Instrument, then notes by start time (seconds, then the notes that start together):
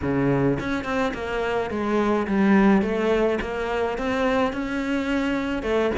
cello
0.02 C#3
0.59 C#4
0.84 C4
1.14 A#3
1.70 G#3
2.27 G3
2.82 A3
3.41 A#3
3.98 C4
4.52 C#4
5.62 A3